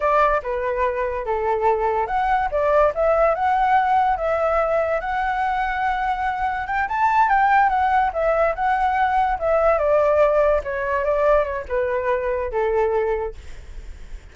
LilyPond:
\new Staff \with { instrumentName = "flute" } { \time 4/4 \tempo 4 = 144 d''4 b'2 a'4~ | a'4 fis''4 d''4 e''4 | fis''2 e''2 | fis''1 |
g''8 a''4 g''4 fis''4 e''8~ | e''8 fis''2 e''4 d''8~ | d''4. cis''4 d''4 cis''8 | b'2 a'2 | }